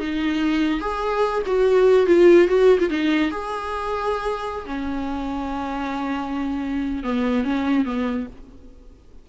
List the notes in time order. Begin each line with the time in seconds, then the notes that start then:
0.00 D#4
0.81 G#4
1.46 F#4
2.07 F4
2.48 F#4
2.79 F4
2.90 D#4
3.31 G#4
4.66 C#4
7.03 B3
7.44 C#4
7.85 B3